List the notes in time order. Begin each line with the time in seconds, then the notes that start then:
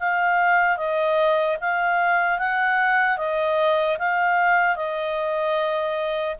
0.00 F5
0.77 D#5
1.61 F5
2.39 F#5
3.18 D#5
3.99 F5
4.76 D#5